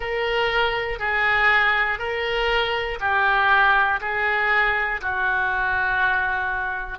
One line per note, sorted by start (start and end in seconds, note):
0.00 0.99 A#4
0.99 1.99 G#4
1.99 2.99 A#4
3.00 4.00 G4
4.00 5.00 G#4
5.01 6.98 F#4